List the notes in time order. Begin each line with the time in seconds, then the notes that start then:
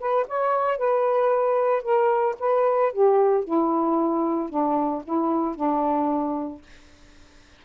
0.00 B4
0.28 C#5
0.78 B4
1.83 A#4
2.40 B4
2.93 G4
3.44 E4
4.50 D4
5.04 E4
5.56 D4